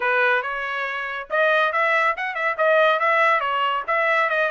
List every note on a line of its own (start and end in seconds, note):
0.00 0.42 B4
0.42 1.28 C#5
1.30 1.72 D#5
1.72 2.15 E5
2.16 2.34 F#5
2.34 2.56 E5
2.57 2.99 D#5
2.99 3.40 E5
3.40 3.83 C#5
3.87 4.29 E5
4.29 4.51 D#5